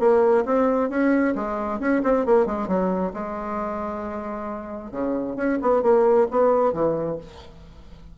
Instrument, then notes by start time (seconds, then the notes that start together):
bassoon
0.00 A#3
0.46 C4
0.90 C#4
1.36 G#3
1.80 C#4
2.04 C4
2.26 A#3
2.46 G#3
2.68 F#3
3.14 G#3
4.92 C#3
5.36 C#4
5.62 B3
5.83 A#3
6.31 B3
6.73 E3